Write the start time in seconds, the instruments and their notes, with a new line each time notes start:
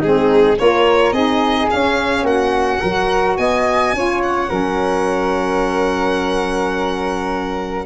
0.00 tuba G#3, saxophone C4, flute D#4, violin G#4
0.57 tuba A#3, saxophone F4, flute A#4, violin C#5
1.12 tuba C4, saxophone D#4, flute G#4, violin D#5
1.70 saxophone C#4, tuba C#4, violin F5
2.23 tuba A#3, flute F#4, violin F#5
2.80 tuba F#3, saxophone F#4, flute A#4
3.37 tuba B3, flute D#5, violin G#5
3.93 tuba C#4, saxophone F4, flute C#5
4.23 violin F#5
4.48 tuba F#3, saxophone C#4, flute A#4